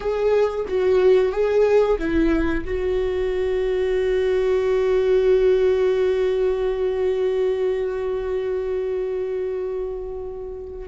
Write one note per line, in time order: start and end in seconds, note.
0.00 0.65 G#4
0.67 1.32 F#4
1.32 1.98 G#4
1.98 2.64 E4
2.65 10.88 F#4